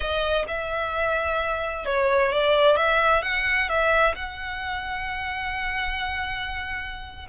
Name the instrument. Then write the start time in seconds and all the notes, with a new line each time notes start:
violin
0.00 D#5
0.47 E5
1.85 C#5
2.32 D5
2.76 E5
3.22 F#5
3.68 E5
4.15 F#5